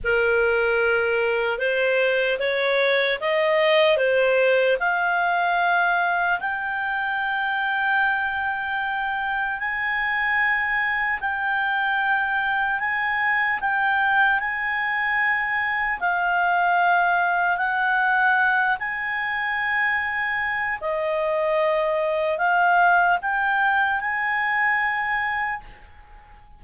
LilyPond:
\new Staff \with { instrumentName = "clarinet" } { \time 4/4 \tempo 4 = 75 ais'2 c''4 cis''4 | dis''4 c''4 f''2 | g''1 | gis''2 g''2 |
gis''4 g''4 gis''2 | f''2 fis''4. gis''8~ | gis''2 dis''2 | f''4 g''4 gis''2 | }